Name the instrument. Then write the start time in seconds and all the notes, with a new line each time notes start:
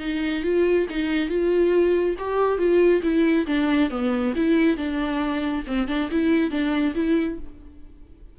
viola
0.00 D#4
0.43 F4
0.90 D#4
1.29 F4
2.19 G4
2.58 F4
3.03 E4
3.47 D4
3.90 B3
4.36 E4
4.77 D4
5.67 C4
5.88 D4
6.11 E4
6.51 D4
6.95 E4